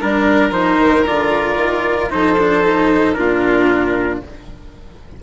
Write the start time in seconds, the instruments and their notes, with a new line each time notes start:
0.00 bassoon G3, cello D4, violin A#4, trumpet A#4
0.51 bassoon F3, cello D#4, trumpet C5
0.79 bassoon D#3
1.07 bassoon D3, cello F4, trumpet D5
1.55 bassoon D#3
2.10 bassoon F3, cello D#4, violin A4, trumpet C5
2.39 cello D4
2.63 cello D#4
3.14 bassoon A#2, cello D4, violin F4, trumpet A#4